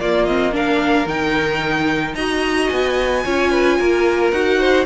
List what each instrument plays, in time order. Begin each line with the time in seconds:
0.00 viola A#3, cello A#3, violin F4 D5
0.25 viola C4, violin D#5
0.52 viola D4, violin A#4 F5
1.06 cello D#3, viola D#4, violin G5
2.14 cello D#4, viola F#4, violin D#5 A#5
2.69 cello B3, violin G#5
3.24 cello C#4, viola F4, violin C#5
3.51 violin B4
3.79 cello A#3, violin A#4
4.32 cello D#4, viola F#4, violin F#5
4.59 violin C5